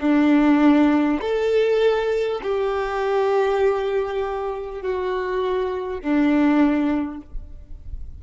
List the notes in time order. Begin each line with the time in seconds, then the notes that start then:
0.00 D4
1.21 A4
2.43 G4
4.82 F#4
6.01 D4